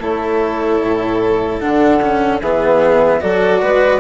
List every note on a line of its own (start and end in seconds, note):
0.00 0.80 A3
0.00 1.61 E4
0.00 2.41 A4
0.00 1.59 C#5
0.81 1.61 A2
1.59 2.42 D3
1.59 2.01 D4
1.59 2.39 F#5
2.02 2.42 C#4
2.41 3.22 E3
2.41 3.21 B3
2.41 3.21 G#4
2.41 3.21 E5
3.21 3.63 F#3
3.21 4.00 F#4
3.21 3.62 A4
3.21 4.00 D5
3.62 4.00 G#3
3.62 4.00 B4